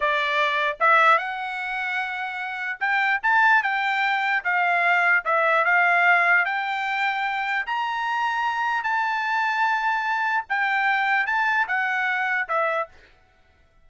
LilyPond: \new Staff \with { instrumentName = "trumpet" } { \time 4/4 \tempo 4 = 149 d''2 e''4 fis''4~ | fis''2. g''4 | a''4 g''2 f''4~ | f''4 e''4 f''2 |
g''2. ais''4~ | ais''2 a''2~ | a''2 g''2 | a''4 fis''2 e''4 | }